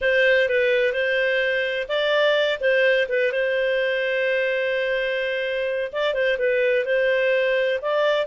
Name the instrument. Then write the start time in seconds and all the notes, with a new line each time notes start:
clarinet
0.01 C5
0.49 B4
0.92 C5
1.88 D5
2.60 C5
3.08 B4
3.32 C5
5.92 D5
6.14 C5
6.38 B4
6.85 C5
7.81 D5